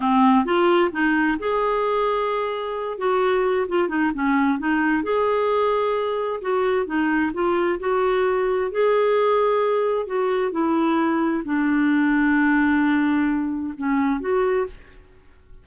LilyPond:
\new Staff \with { instrumentName = "clarinet" } { \time 4/4 \tempo 4 = 131 c'4 f'4 dis'4 gis'4~ | gis'2~ gis'8 fis'4. | f'8 dis'8 cis'4 dis'4 gis'4~ | gis'2 fis'4 dis'4 |
f'4 fis'2 gis'4~ | gis'2 fis'4 e'4~ | e'4 d'2.~ | d'2 cis'4 fis'4 | }